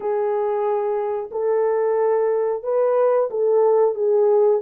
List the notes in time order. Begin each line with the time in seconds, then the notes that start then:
0.00 G#4
1.31 A4
2.63 B4
3.30 A4
3.94 G#4